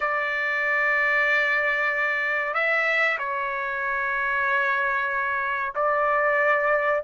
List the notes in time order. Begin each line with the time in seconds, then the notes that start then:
0.00 D5
2.54 E5
3.18 C#5
5.74 D5